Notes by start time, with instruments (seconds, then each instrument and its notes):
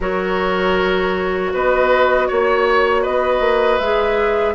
0.00 bassoon F#3, clarinet F#4, oboe A#4, flute C#5
1.53 bassoon B3, oboe B4, flute D#5
2.28 bassoon A#3, oboe C#5, flute C#5
3.02 bassoon B3, oboe B4, flute D#5
3.40 bassoon A#3
3.78 bassoon G#3, clarinet G#4, flute E5